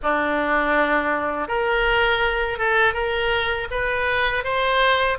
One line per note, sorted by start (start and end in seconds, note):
0.02 1.48 D4
1.48 2.58 A#4
2.58 2.93 A4
2.93 3.67 A#4
3.70 4.43 B4
4.43 5.18 C5